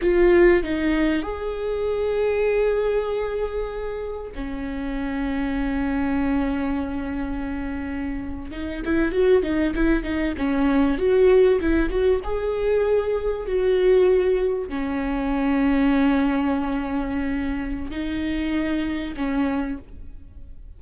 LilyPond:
\new Staff \with { instrumentName = "viola" } { \time 4/4 \tempo 4 = 97 f'4 dis'4 gis'2~ | gis'2. cis'4~ | cis'1~ | cis'4.~ cis'16 dis'8 e'8 fis'8 dis'8 e'16~ |
e'16 dis'8 cis'4 fis'4 e'8 fis'8 gis'16~ | gis'4.~ gis'16 fis'2 cis'16~ | cis'1~ | cis'4 dis'2 cis'4 | }